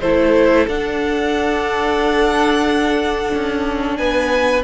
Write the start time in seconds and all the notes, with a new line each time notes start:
0.00 A3 E4 A4 C5
0.67 D4 F#5
3.34 C#4
3.96 B3 B4 G#5